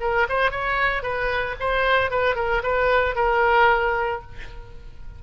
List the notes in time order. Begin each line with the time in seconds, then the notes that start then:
0.00 A#4
0.29 C5
0.51 C#5
1.02 B4
1.59 C5
2.10 B4
2.35 A#4
2.63 B4
3.15 A#4